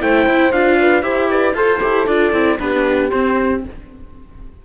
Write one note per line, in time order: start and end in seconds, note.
0.00 0.27 A3
0.00 0.52 E4
0.00 0.80 C5
0.00 0.52 G5
0.27 0.52 E4
0.52 1.03 D4
0.52 1.02 F4
0.52 1.03 F5
0.80 1.04 B4
1.02 1.55 E4
1.02 1.54 G4
1.02 1.30 C5
1.02 1.29 E5
1.30 1.56 B4
1.30 1.56 D5
1.55 1.80 F4
1.55 2.59 A4
1.55 1.81 A4
1.55 2.08 C5
1.81 2.07 E4
1.81 2.07 G4
2.07 2.33 D4
2.07 2.34 F4
2.07 2.59 D5
2.33 2.59 C4
2.33 2.59 E4
2.59 3.11 B3
2.59 3.11 D4
2.59 3.65 G4
2.59 3.11 B4
3.11 3.63 C4
3.11 3.65 C4
3.11 3.63 C5